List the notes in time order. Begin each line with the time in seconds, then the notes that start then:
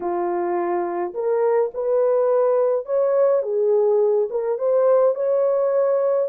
0.00 F4
1.14 A#4
1.74 B4
2.85 C#5
3.42 G#4
4.30 A#4
4.58 C5
5.14 C#5